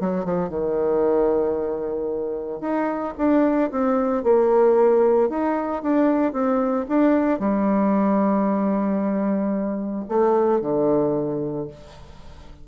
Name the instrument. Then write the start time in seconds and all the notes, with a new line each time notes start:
bassoon
0.00 F#3
0.25 F3
0.49 D#3
2.61 D#4
3.18 D4
3.71 C4
4.23 A#3
5.29 D#4
5.82 D4
6.33 C4
6.89 D4
7.39 G3
10.08 A3
10.61 D3